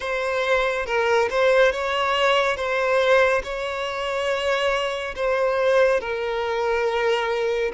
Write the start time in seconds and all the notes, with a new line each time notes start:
0.00 C5
0.86 A#4
1.29 C5
1.71 C#5
2.56 C5
3.43 C#5
5.15 C5
6.00 A#4